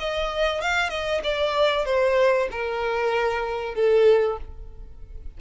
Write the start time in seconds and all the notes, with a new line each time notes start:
0.00 D#5
0.61 F5
0.90 D#5
1.24 D5
1.85 C5
2.52 A#4
3.75 A4